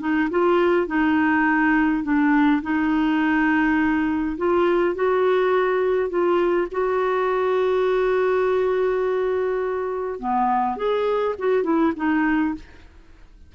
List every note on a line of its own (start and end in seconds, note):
0.00 0.29 D#4
0.30 0.87 F4
0.87 2.04 D#4
2.04 2.62 D4
2.62 4.37 D#4
4.37 4.95 F4
4.95 6.09 F#4
6.09 6.68 F4
6.71 10.20 F#4
10.20 10.77 B3
10.77 11.35 G#4
11.39 11.64 F#4
11.64 11.93 E4
11.97 12.55 D#4